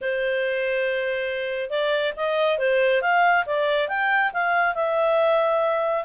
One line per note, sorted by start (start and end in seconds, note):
0.01 1.70 C5
1.70 2.13 D5
2.16 2.58 D#5
2.58 3.01 C5
3.01 3.44 F5
3.45 3.88 D5
3.88 4.31 G5
4.33 4.74 F5
4.74 6.04 E5